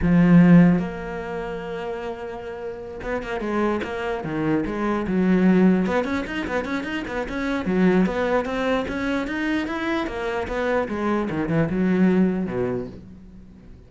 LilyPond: \new Staff \with { instrumentName = "cello" } { \time 4/4 \tempo 4 = 149 f2 ais2~ | ais2.~ ais8 b8 | ais8 gis4 ais4 dis4 gis8~ | gis8 fis2 b8 cis'8 dis'8 |
b8 cis'8 dis'8 b8 cis'4 fis4 | b4 c'4 cis'4 dis'4 | e'4 ais4 b4 gis4 | dis8 e8 fis2 b,4 | }